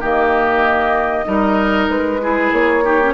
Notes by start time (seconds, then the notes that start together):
0.00 D#3 A#3 G4 D#5
1.25 G3 D#4 A#4
1.89 G#3 B4
2.21 E4 G#4
2.52 A#3 C#5
2.84 D#4 G4
3.02 C#4